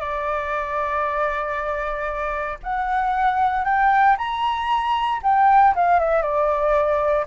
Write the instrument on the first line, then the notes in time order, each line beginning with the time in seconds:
flute
0.00 D5
2.63 F#5
3.65 G5
4.18 A#5
5.23 G5
5.75 F5
6.00 E5
6.22 D5